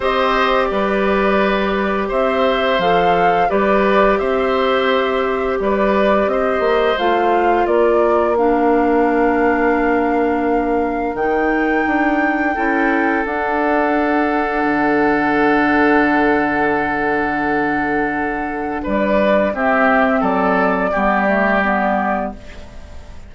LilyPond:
<<
  \new Staff \with { instrumentName = "flute" } { \time 4/4 \tempo 4 = 86 dis''4 d''2 e''4 | f''4 d''4 e''2 | d''4 dis''4 f''4 d''4 | f''1 |
g''2. fis''4~ | fis''1~ | fis''2. d''4 | e''4 d''2. | }
  \new Staff \with { instrumentName = "oboe" } { \time 4/4 c''4 b'2 c''4~ | c''4 b'4 c''2 | b'4 c''2 ais'4~ | ais'1~ |
ais'2 a'2~ | a'1~ | a'2. b'4 | g'4 a'4 g'2 | }
  \new Staff \with { instrumentName = "clarinet" } { \time 4/4 g'1 | a'4 g'2.~ | g'2 f'2 | d'1 |
dis'2 e'4 d'4~ | d'1~ | d'1 | c'2 b8 a8 b4 | }
  \new Staff \with { instrumentName = "bassoon" } { \time 4/4 c'4 g2 c'4 | f4 g4 c'2 | g4 c'8 ais8 a4 ais4~ | ais1 |
dis4 d'4 cis'4 d'4~ | d'4 d2.~ | d2. g4 | c'4 fis4 g2 | }
>>